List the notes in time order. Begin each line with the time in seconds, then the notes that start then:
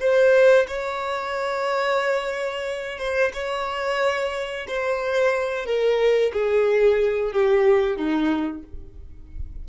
0.00 C5
0.68 C#5
2.98 C5
3.34 C#5
4.68 C5
5.65 A#4
6.33 G#4
7.32 G4
7.96 D#4